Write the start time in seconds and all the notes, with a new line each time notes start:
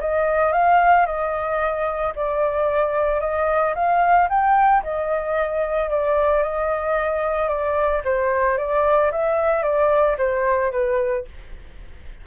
0.00 D#5
0.52 F5
1.05 D#5
2.15 D5
3.20 D#5
3.75 F5
4.29 G5
4.83 D#5
5.90 D5
6.42 D#5
7.48 D5
8.04 C5
8.57 D5
9.11 E5
9.62 D5
10.18 C5
10.71 B4